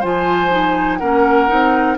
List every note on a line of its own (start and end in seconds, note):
0.00 1.01 F3
0.00 0.51 F4
0.00 0.98 C5
0.00 0.98 G#5
0.51 1.00 D#4
0.98 1.51 A#3
0.98 1.48 C#4
0.98 1.98 A#4
0.98 1.96 F#5
1.48 1.98 C4
1.48 1.97 D#4